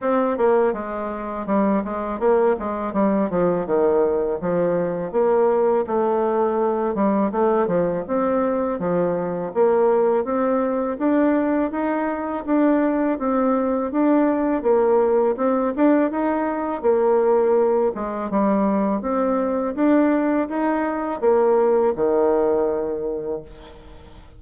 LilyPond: \new Staff \with { instrumentName = "bassoon" } { \time 4/4 \tempo 4 = 82 c'8 ais8 gis4 g8 gis8 ais8 gis8 | g8 f8 dis4 f4 ais4 | a4. g8 a8 f8 c'4 | f4 ais4 c'4 d'4 |
dis'4 d'4 c'4 d'4 | ais4 c'8 d'8 dis'4 ais4~ | ais8 gis8 g4 c'4 d'4 | dis'4 ais4 dis2 | }